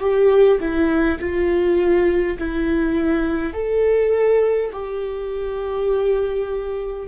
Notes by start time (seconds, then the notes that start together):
0.00 G4
0.60 E4
1.20 F4
2.39 E4
3.53 A4
4.72 G4